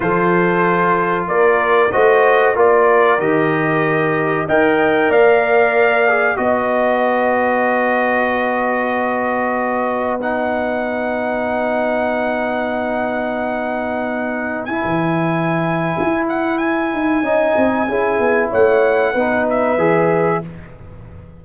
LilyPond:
<<
  \new Staff \with { instrumentName = "trumpet" } { \time 4/4 \tempo 4 = 94 c''2 d''4 dis''4 | d''4 dis''2 g''4 | f''2 dis''2~ | dis''1 |
fis''1~ | fis''2. gis''4~ | gis''4. fis''8 gis''2~ | gis''4 fis''4. e''4. | }
  \new Staff \with { instrumentName = "horn" } { \time 4/4 a'2 ais'4 c''4 | ais'2. dis''4 | d''2 dis''2 | b'1~ |
b'1~ | b'1~ | b'2. dis''4 | gis'4 cis''4 b'2 | }
  \new Staff \with { instrumentName = "trombone" } { \time 4/4 f'2. fis'4 | f'4 g'2 ais'4~ | ais'4. gis'8 fis'2~ | fis'1 |
dis'1~ | dis'2. e'4~ | e'2. dis'4 | e'2 dis'4 gis'4 | }
  \new Staff \with { instrumentName = "tuba" } { \time 4/4 f2 ais4 a4 | ais4 dis2 dis'4 | ais2 b2~ | b1~ |
b1~ | b2. e'16 e8.~ | e4 e'4. dis'8 cis'8 c'8 | cis'8 b8 a4 b4 e4 | }
>>